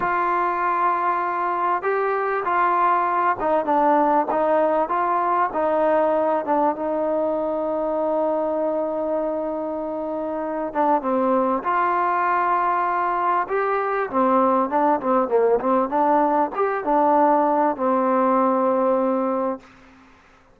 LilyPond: \new Staff \with { instrumentName = "trombone" } { \time 4/4 \tempo 4 = 98 f'2. g'4 | f'4. dis'8 d'4 dis'4 | f'4 dis'4. d'8 dis'4~ | dis'1~ |
dis'4. d'8 c'4 f'4~ | f'2 g'4 c'4 | d'8 c'8 ais8 c'8 d'4 g'8 d'8~ | d'4 c'2. | }